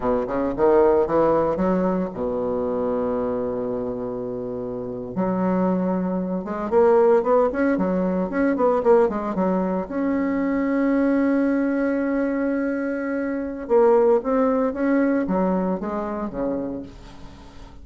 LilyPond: \new Staff \with { instrumentName = "bassoon" } { \time 4/4 \tempo 4 = 114 b,8 cis8 dis4 e4 fis4 | b,1~ | b,4.~ b,16 fis2~ fis16~ | fis16 gis8 ais4 b8 cis'8 fis4 cis'16~ |
cis'16 b8 ais8 gis8 fis4 cis'4~ cis'16~ | cis'1~ | cis'2 ais4 c'4 | cis'4 fis4 gis4 cis4 | }